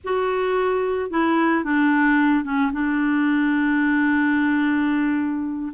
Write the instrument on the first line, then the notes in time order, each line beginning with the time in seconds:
clarinet
0.04 F#4
1.10 E4
1.64 D4
2.44 C#4
2.72 D4